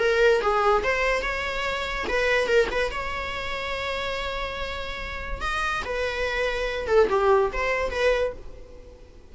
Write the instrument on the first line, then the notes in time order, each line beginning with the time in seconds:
viola
0.00 A#4
0.42 G#4
0.84 C5
1.23 C#5
2.09 B4
2.48 A#4
2.72 B4
2.91 C#5
5.42 D#5
5.85 B4
6.88 A4
7.10 G4
7.53 C5
7.91 B4